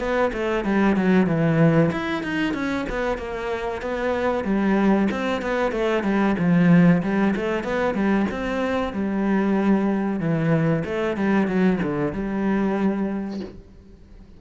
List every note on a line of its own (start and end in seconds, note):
0.00 0.32 B3
0.34 0.65 A3
0.65 0.97 G3
0.97 1.27 F#3
1.27 1.91 E3
1.92 2.24 E4
2.24 2.54 D#4
2.54 2.86 C#4
2.90 3.18 B3
3.18 3.82 A#3
3.82 4.45 B3
4.45 5.09 G3
5.12 5.42 C4
5.42 5.72 B3
5.72 6.04 A3
6.04 6.36 G3
6.39 7.03 F3
7.03 7.35 G3
7.36 7.65 A3
7.65 7.95 B3
7.95 8.27 G3
8.32 8.94 C4
8.94 10.20 G3
10.20 10.84 E3
10.85 11.17 A3
11.17 11.48 G3
11.48 11.80 F#3
11.83 12.13 D3
12.13 13.40 G3